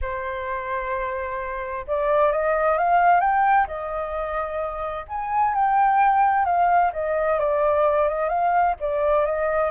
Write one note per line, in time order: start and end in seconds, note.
0.01 1.86 C5
1.87 2.32 D5
2.32 2.78 D#5
2.78 3.20 F5
3.20 3.66 G5
3.67 5.05 D#5
5.08 5.54 G#5
5.54 6.45 G5
6.45 6.91 F5
6.93 7.39 D#5
7.39 8.08 D5
8.08 8.28 D#5
8.28 8.74 F5
8.80 9.25 D5
9.25 9.70 D#5